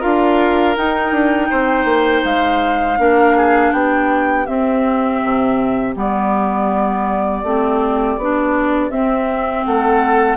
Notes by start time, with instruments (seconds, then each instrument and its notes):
0.00 bassoon D4, clarinet F4, oboe A#4, flute F5
0.77 bassoon D#4, clarinet D#4, flute G5
1.12 bassoon D4
1.51 bassoon C4, oboe C5
1.85 bassoon A#3
2.25 bassoon G#3, flute F5
2.98 bassoon A#3, clarinet D4, oboe A#4
3.37 oboe G#4
3.73 bassoon B3, oboe G4, flute G5
4.47 clarinet C4, bassoon C4, flute E5
5.24 bassoon C3
5.96 bassoon G3, clarinet B3, flute D5
7.44 bassoon A3, clarinet C4
8.18 bassoon B3, clarinet D4
8.91 bassoon C4, clarinet C4, flute E5
9.66 bassoon A3, oboe A4, flute F#5